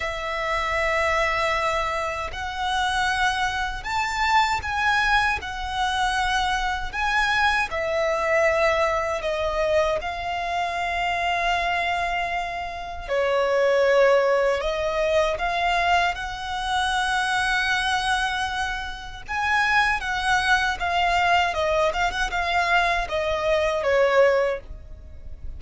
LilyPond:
\new Staff \with { instrumentName = "violin" } { \time 4/4 \tempo 4 = 78 e''2. fis''4~ | fis''4 a''4 gis''4 fis''4~ | fis''4 gis''4 e''2 | dis''4 f''2.~ |
f''4 cis''2 dis''4 | f''4 fis''2.~ | fis''4 gis''4 fis''4 f''4 | dis''8 f''16 fis''16 f''4 dis''4 cis''4 | }